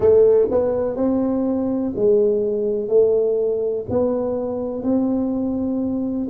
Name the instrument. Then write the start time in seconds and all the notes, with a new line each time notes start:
tuba
0.00 A3
0.50 B3
0.95 C4
1.95 G#3
2.88 A3
3.89 B3
4.82 C4